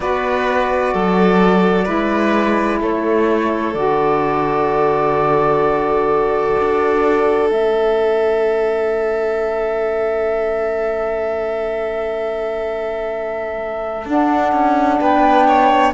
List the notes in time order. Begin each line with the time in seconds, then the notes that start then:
0.00 B3 F#4 B4 D5
0.93 F#3 A4
1.84 G#3 E4 B4
2.80 A3 A4 C#5
3.74 D3 F#4 D5
6.60 D4
7.49 A3 C#4 E5
14.05 D4 F#5
14.52 C#4
14.99 B3 B4 G5
15.47 C#5